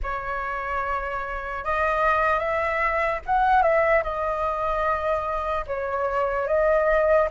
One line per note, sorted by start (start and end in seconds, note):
0.03 1.64 C#5
1.64 2.39 D#5
2.39 3.20 E5
3.25 3.62 F#5
3.62 4.02 E5
4.03 5.65 D#5
5.66 6.47 C#5
6.47 7.28 D#5